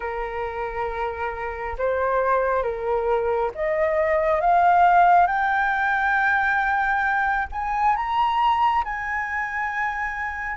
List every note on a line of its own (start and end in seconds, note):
0.00 1.76 A#4
1.78 2.62 C5
2.62 3.51 A#4
3.55 4.40 D#5
4.40 5.27 F5
5.27 7.47 G5
7.52 7.95 G#5
7.95 8.84 A#5
8.84 10.56 G#5